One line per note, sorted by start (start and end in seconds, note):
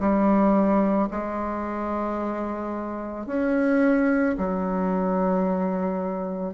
0.00 1.09 G3
1.11 3.26 G#3
3.26 4.35 C#4
4.38 6.54 F#3